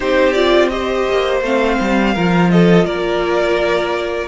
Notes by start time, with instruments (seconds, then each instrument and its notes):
0.00 cello C4, viola D#4, violin G4 C5
0.32 viola F4, violin D5
0.69 viola G4, violin C5 D#5
1.09 cello A#3
1.41 cello A3, viola C4, violin F5
1.80 cello G3
2.14 cello F3, viola F4, violin A#4
2.50 violin A4 D#5
2.85 cello A#3, violin A#4 D5